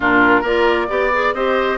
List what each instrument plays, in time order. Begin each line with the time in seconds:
0.00 bassoon A#2, clarinet D4, oboe F4, flute A#4
0.40 bassoon A#3, clarinet F4, oboe A#4, flute D5
0.88 bassoon B3, clarinet G4, oboe D5
1.12 clarinet G#4
1.33 bassoon C4, clarinet G4, oboe C5, flute D#5